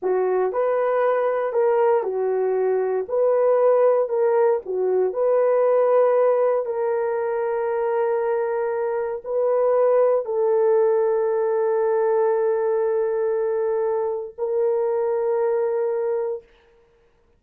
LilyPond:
\new Staff \with { instrumentName = "horn" } { \time 4/4 \tempo 4 = 117 fis'4 b'2 ais'4 | fis'2 b'2 | ais'4 fis'4 b'2~ | b'4 ais'2.~ |
ais'2 b'2 | a'1~ | a'1 | ais'1 | }